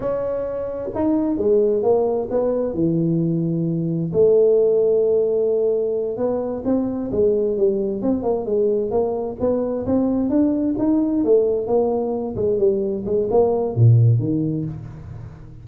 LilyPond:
\new Staff \with { instrumentName = "tuba" } { \time 4/4 \tempo 4 = 131 cis'2 dis'4 gis4 | ais4 b4 e2~ | e4 a2.~ | a4. b4 c'4 gis8~ |
gis8 g4 c'8 ais8 gis4 ais8~ | ais8 b4 c'4 d'4 dis'8~ | dis'8 a4 ais4. gis8 g8~ | g8 gis8 ais4 ais,4 dis4 | }